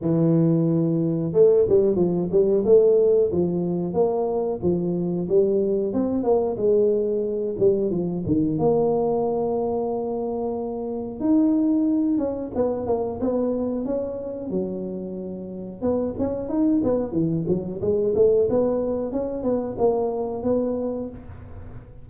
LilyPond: \new Staff \with { instrumentName = "tuba" } { \time 4/4 \tempo 4 = 91 e2 a8 g8 f8 g8 | a4 f4 ais4 f4 | g4 c'8 ais8 gis4. g8 | f8 dis8 ais2.~ |
ais4 dis'4. cis'8 b8 ais8 | b4 cis'4 fis2 | b8 cis'8 dis'8 b8 e8 fis8 gis8 a8 | b4 cis'8 b8 ais4 b4 | }